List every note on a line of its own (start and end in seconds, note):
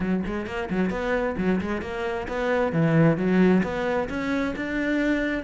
0.00 0.23 F#3
0.25 0.46 G#3
0.46 0.69 A#3
0.70 0.90 F#3
0.90 1.35 B3
1.37 1.60 F#3
1.60 1.81 G#3
1.81 2.27 A#3
2.27 2.72 B3
2.72 3.17 E3
3.17 3.62 F#3
3.63 4.08 B3
4.09 4.54 C#4
4.56 5.43 D4